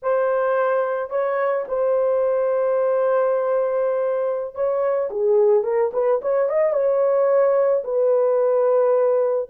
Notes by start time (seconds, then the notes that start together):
0.02 C5
1.10 C#5
1.68 C5
4.54 C#5
5.10 G#4
5.63 A#4
5.93 B4
6.21 C#5
6.49 D#5
6.73 C#5
7.83 B4